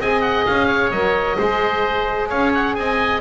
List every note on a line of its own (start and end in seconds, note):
0.00 0.46 C4
0.00 0.93 G#4
0.00 0.68 D#5
0.00 0.22 G#5
0.22 0.45 F#5
0.46 0.91 C#4
0.46 0.91 F5
0.68 1.37 C#5
0.91 1.37 F#3
0.91 1.39 A#4
0.91 2.29 D#5
1.38 2.31 G#3
1.38 3.21 G#4
1.38 2.29 C5
2.29 2.77 C#4
2.29 2.75 C#5
2.29 2.52 F5
2.54 2.75 F#5
2.75 3.21 C4
2.75 3.21 D#5
2.75 3.21 G#5